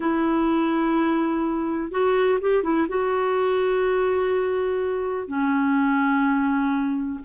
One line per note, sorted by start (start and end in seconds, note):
0.00 1.91 E4
1.91 2.39 F#4
2.40 2.63 G4
2.63 2.87 E4
2.88 5.27 F#4
5.27 7.19 C#4